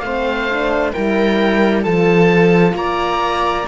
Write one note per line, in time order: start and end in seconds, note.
0.00 0.93 A3
0.00 0.50 C4
0.00 0.93 C5
0.00 0.91 F5
0.50 0.93 D4
0.93 1.86 G3
0.93 1.84 E4
0.93 1.83 A#4
0.93 1.84 G5
1.83 2.73 F3
1.83 3.66 F4
1.83 2.73 A4
1.83 2.75 A5
2.73 3.64 A#3
2.73 3.68 D5
2.73 3.68 A#5